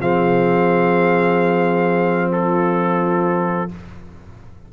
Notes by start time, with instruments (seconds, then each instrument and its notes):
0.00 tuba F3, trombone C4, horn G#4, trumpet F5
2.33 horn F4, trumpet A4